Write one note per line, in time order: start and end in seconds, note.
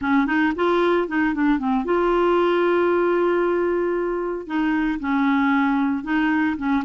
0.01 0.26 C#4
0.26 0.52 D#4
0.55 1.08 F4
1.08 1.34 D#4
1.34 1.58 D4
1.58 1.84 C4
1.84 4.46 F4
4.46 4.99 D#4
5.00 6.03 C#4
6.03 6.56 D#4
6.57 6.83 C#4